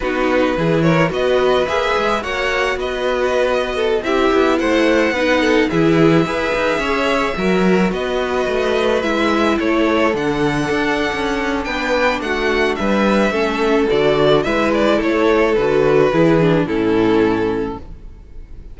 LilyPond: <<
  \new Staff \with { instrumentName = "violin" } { \time 4/4 \tempo 4 = 108 b'4. cis''8 dis''4 e''4 | fis''4 dis''2~ dis''16 e''8.~ | e''16 fis''2 e''4.~ e''16~ | e''2~ e''16 dis''4.~ dis''16~ |
dis''16 e''4 cis''4 fis''4.~ fis''16~ | fis''4 g''4 fis''4 e''4~ | e''4 d''4 e''8 d''8 cis''4 | b'2 a'2 | }
  \new Staff \with { instrumentName = "violin" } { \time 4/4 fis'4 gis'8 ais'8 b'2 | cis''4 b'4.~ b'16 a'8 g'8.~ | g'16 c''4 b'8 a'8 gis'4 b'8.~ | b'16 cis''4 ais'4 b'4.~ b'16~ |
b'4~ b'16 a'2~ a'8.~ | a'4 b'4 fis'4 b'4 | a'2 b'4 a'4~ | a'4 gis'4 e'2 | }
  \new Staff \with { instrumentName = "viola" } { \time 4/4 dis'4 e'4 fis'4 gis'4 | fis'2.~ fis'16 e'8.~ | e'4~ e'16 dis'4 e'4 gis'8.~ | gis'4~ gis'16 fis'2~ fis'8.~ |
fis'16 e'2 d'4.~ d'16~ | d'1 | cis'4 fis'4 e'2 | fis'4 e'8 d'8 cis'2 | }
  \new Staff \with { instrumentName = "cello" } { \time 4/4 b4 e4 b4 ais8 gis8 | ais4 b2~ b16 c'8 b16~ | b16 a4 b4 e4 e'8 dis'16~ | dis'16 cis'4 fis4 b4 a8.~ |
a16 gis4 a4 d4 d'8. | cis'4 b4 a4 g4 | a4 d4 gis4 a4 | d4 e4 a,2 | }
>>